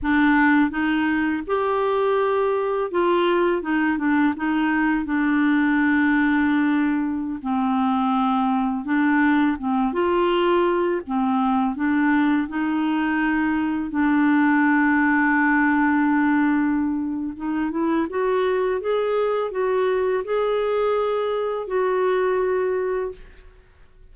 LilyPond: \new Staff \with { instrumentName = "clarinet" } { \time 4/4 \tempo 4 = 83 d'4 dis'4 g'2 | f'4 dis'8 d'8 dis'4 d'4~ | d'2~ d'16 c'4.~ c'16~ | c'16 d'4 c'8 f'4. c'8.~ |
c'16 d'4 dis'2 d'8.~ | d'1 | dis'8 e'8 fis'4 gis'4 fis'4 | gis'2 fis'2 | }